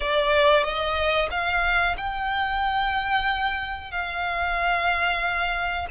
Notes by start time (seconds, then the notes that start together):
0.00 D5
0.63 D#5
1.30 F5
1.97 G5
3.91 F5